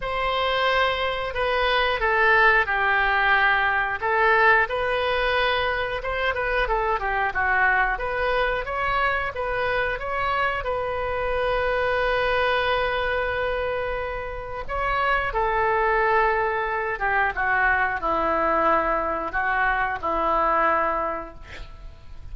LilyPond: \new Staff \with { instrumentName = "oboe" } { \time 4/4 \tempo 4 = 90 c''2 b'4 a'4 | g'2 a'4 b'4~ | b'4 c''8 b'8 a'8 g'8 fis'4 | b'4 cis''4 b'4 cis''4 |
b'1~ | b'2 cis''4 a'4~ | a'4. g'8 fis'4 e'4~ | e'4 fis'4 e'2 | }